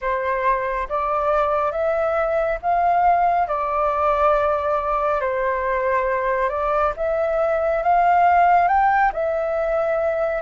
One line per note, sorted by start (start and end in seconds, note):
0.01 0.88 C5
0.89 1.71 D5
1.71 2.58 E5
2.61 3.47 F5
3.47 5.21 D5
5.21 6.49 C5
6.49 6.92 D5
6.96 7.83 E5
7.83 8.68 F5
8.68 9.11 G5
9.12 10.42 E5